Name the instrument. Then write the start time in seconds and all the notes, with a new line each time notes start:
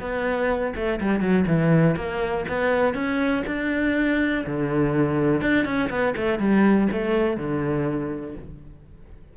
cello
0.00 B3
0.76 A3
1.01 G3
1.21 F#3
1.47 E3
1.96 A#3
2.49 B3
2.94 C#4
3.47 D4
4.47 D3
5.42 D4
5.65 C#4
5.90 B3
6.17 A3
6.39 G3
6.92 A3
7.37 D3